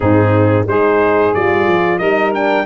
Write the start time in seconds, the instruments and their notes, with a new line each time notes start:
0.00 tuba G#2, horn C4, saxophone D#4, trumpet G#4
0.66 tuba G#3, horn D#4, saxophone G#4, trumpet C5
1.34 tuba G3, horn F4, trumpet D5
1.67 tuba F3
1.98 tuba G3, horn D#4, saxophone A#4, trumpet D#5
2.33 horn D4, trumpet G5